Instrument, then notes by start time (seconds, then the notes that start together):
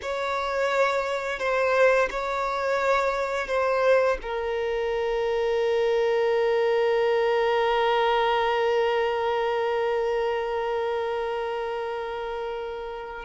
violin
0.02 C#5
1.39 C5
2.10 C#5
3.47 C5
4.22 A#4